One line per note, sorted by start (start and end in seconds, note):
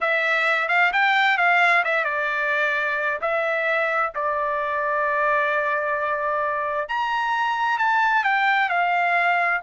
0.00 0.68 E5
0.68 0.91 F5
0.92 1.37 G5
1.37 1.83 F5
1.84 2.04 E5
2.04 3.19 D5
3.21 4.12 E5
4.15 6.88 D5
6.88 7.78 A#5
7.78 8.24 A5
8.24 8.69 G5
8.69 9.61 F5